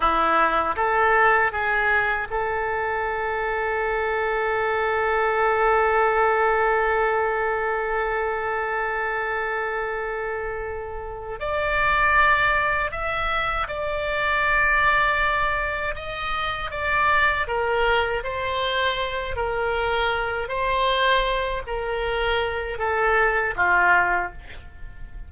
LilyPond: \new Staff \with { instrumentName = "oboe" } { \time 4/4 \tempo 4 = 79 e'4 a'4 gis'4 a'4~ | a'1~ | a'1~ | a'2. d''4~ |
d''4 e''4 d''2~ | d''4 dis''4 d''4 ais'4 | c''4. ais'4. c''4~ | c''8 ais'4. a'4 f'4 | }